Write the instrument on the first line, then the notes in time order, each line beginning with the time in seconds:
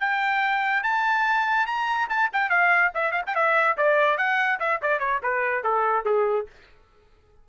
trumpet
0.00 G5
0.83 A5
1.66 A#5
2.09 A5
2.33 G5
2.50 F5
2.95 E5
3.12 F5
3.27 G5
3.35 E5
3.77 D5
4.18 F#5
4.60 E5
4.82 D5
5.00 C#5
5.23 B4
5.64 A4
6.05 G#4